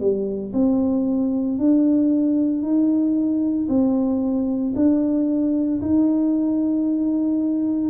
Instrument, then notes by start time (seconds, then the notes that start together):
tuba
0.00 G3
0.54 C4
1.59 D4
2.63 D#4
3.69 C4
4.76 D4
5.81 D#4